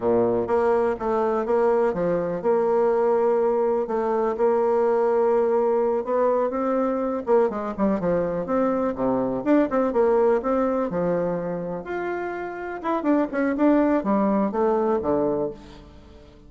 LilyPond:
\new Staff \with { instrumentName = "bassoon" } { \time 4/4 \tempo 4 = 124 ais,4 ais4 a4 ais4 | f4 ais2. | a4 ais2.~ | ais8 b4 c'4. ais8 gis8 |
g8 f4 c'4 c4 d'8 | c'8 ais4 c'4 f4.~ | f8 f'2 e'8 d'8 cis'8 | d'4 g4 a4 d4 | }